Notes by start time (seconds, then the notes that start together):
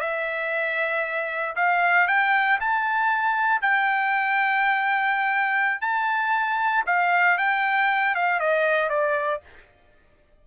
0.00 E5
1.56 F5
2.07 G5
2.60 A5
3.61 G5
5.81 A5
6.86 F5
7.38 G5
8.15 F5
8.40 D#5
8.89 D5